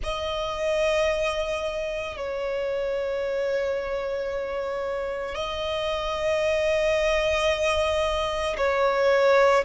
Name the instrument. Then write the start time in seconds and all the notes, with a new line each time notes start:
violin
0.03 D#5
2.17 C#5
5.35 D#5
8.57 C#5